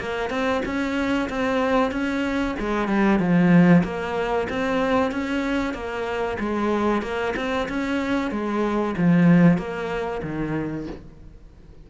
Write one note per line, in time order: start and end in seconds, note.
0.00 0.30 A#3
0.30 0.62 C4
0.66 1.29 C#4
1.30 1.92 C4
1.92 2.56 C#4
2.60 2.88 G#3
2.88 3.20 G3
3.20 3.84 F3
3.84 4.48 A#3
4.50 5.12 C4
5.12 5.74 C#4
5.74 6.38 A#3
6.40 7.02 G#3
7.02 7.34 A#3
7.37 7.69 C4
7.69 8.32 C#4
8.32 8.95 G#3
8.98 9.58 F3
9.58 10.22 A#3
10.23 10.87 D#3